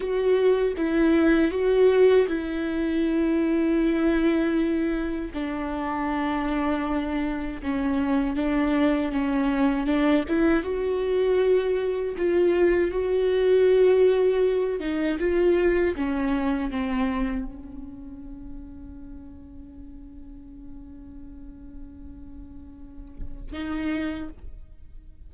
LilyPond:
\new Staff \with { instrumentName = "viola" } { \time 4/4 \tempo 4 = 79 fis'4 e'4 fis'4 e'4~ | e'2. d'4~ | d'2 cis'4 d'4 | cis'4 d'8 e'8 fis'2 |
f'4 fis'2~ fis'8 dis'8 | f'4 cis'4 c'4 cis'4~ | cis'1~ | cis'2. dis'4 | }